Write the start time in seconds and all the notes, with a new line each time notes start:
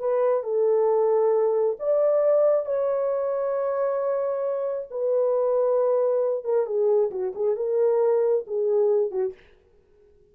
0.00 B4
0.44 A4
1.80 D5
2.66 C#5
4.91 B4
6.45 A#4
6.66 G#4
7.12 F#4
7.35 G#4
7.57 A#4
8.47 G#4
9.12 F#4